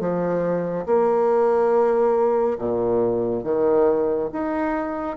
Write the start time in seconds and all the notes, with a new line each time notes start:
0.00 F3
0.86 A#3
2.58 A#2
3.44 D#3
4.32 D#4